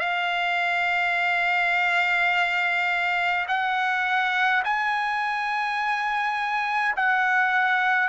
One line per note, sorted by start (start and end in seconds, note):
0.00 3.46 F5
3.48 4.64 F#5
4.65 6.95 G#5
6.97 8.09 F#5